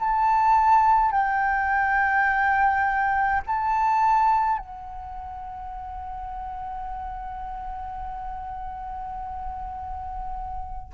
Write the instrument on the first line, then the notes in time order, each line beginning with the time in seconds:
flute
0.00 A5
1.11 G5
3.47 A5
4.58 F#5